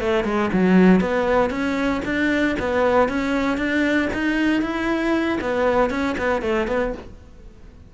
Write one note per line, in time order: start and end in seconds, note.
0.00 0.24 A3
0.24 0.50 G#3
0.53 1.01 F#3
1.01 1.50 B3
1.50 2.01 C#4
2.05 2.56 D4
2.59 3.09 B3
3.09 3.57 C#4
3.57 4.09 D4
4.13 4.62 D#4
4.62 5.38 E4
5.41 5.90 B3
5.90 6.16 C#4
6.18 6.41 B3
6.41 6.67 A3
6.67 6.93 B3